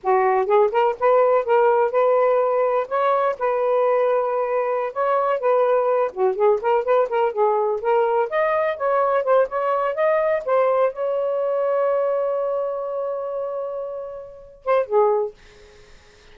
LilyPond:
\new Staff \with { instrumentName = "saxophone" } { \time 4/4 \tempo 4 = 125 fis'4 gis'8 ais'8 b'4 ais'4 | b'2 cis''4 b'4~ | b'2~ b'16 cis''4 b'8.~ | b'8. fis'8 gis'8 ais'8 b'8 ais'8 gis'8.~ |
gis'16 ais'4 dis''4 cis''4 c''8 cis''16~ | cis''8. dis''4 c''4 cis''4~ cis''16~ | cis''1~ | cis''2~ cis''8 c''8 gis'4 | }